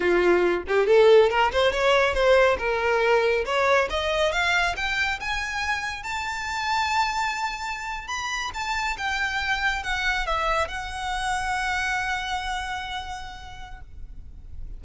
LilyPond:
\new Staff \with { instrumentName = "violin" } { \time 4/4 \tempo 4 = 139 f'4. g'8 a'4 ais'8 c''8 | cis''4 c''4 ais'2 | cis''4 dis''4 f''4 g''4 | gis''2 a''2~ |
a''2~ a''8. b''4 a''16~ | a''8. g''2 fis''4 e''16~ | e''8. fis''2.~ fis''16~ | fis''1 | }